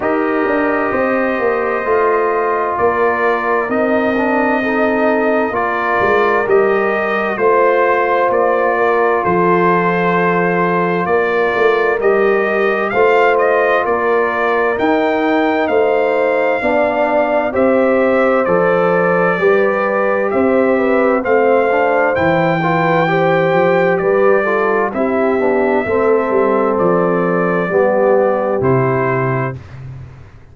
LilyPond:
<<
  \new Staff \with { instrumentName = "trumpet" } { \time 4/4 \tempo 4 = 65 dis''2. d''4 | dis''2 d''4 dis''4 | c''4 d''4 c''2 | d''4 dis''4 f''8 dis''8 d''4 |
g''4 f''2 e''4 | d''2 e''4 f''4 | g''2 d''4 e''4~ | e''4 d''2 c''4 | }
  \new Staff \with { instrumentName = "horn" } { \time 4/4 ais'4 c''2 ais'4~ | ais'4 a'4 ais'2 | c''4. ais'8 a'2 | ais'2 c''4 ais'4~ |
ais'4 c''4 d''4 c''4~ | c''4 b'4 c''8 b'8 c''4~ | c''8 b'8 c''4 b'8 a'8 g'4 | a'2 g'2 | }
  \new Staff \with { instrumentName = "trombone" } { \time 4/4 g'2 f'2 | dis'8 d'8 dis'4 f'4 g'4 | f'1~ | f'4 g'4 f'2 |
dis'2 d'4 g'4 | a'4 g'2 c'8 d'8 | e'8 f'8 g'4. f'8 e'8 d'8 | c'2 b4 e'4 | }
  \new Staff \with { instrumentName = "tuba" } { \time 4/4 dis'8 d'8 c'8 ais8 a4 ais4 | c'2 ais8 gis8 g4 | a4 ais4 f2 | ais8 a8 g4 a4 ais4 |
dis'4 a4 b4 c'4 | f4 g4 c'4 a4 | e4. f8 g4 c'8 b8 | a8 g8 f4 g4 c4 | }
>>